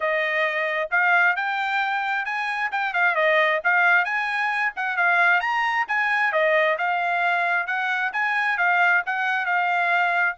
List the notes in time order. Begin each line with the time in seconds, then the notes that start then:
0.00 D#5
0.90 F5
1.36 G5
2.25 G#5
2.71 G5
2.93 F5
3.15 D#5
3.64 F5
4.04 G#5
4.76 F#5
4.96 F5
5.40 A#5
5.87 G#5
6.32 D#5
6.78 F5
7.66 F#5
8.12 G#5
8.57 F5
9.06 F#5
9.45 F5